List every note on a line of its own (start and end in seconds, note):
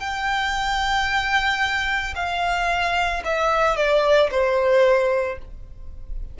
0.00 2.14 G5
2.16 3.23 F5
3.25 3.76 E5
3.76 4.30 D5
4.31 5.38 C5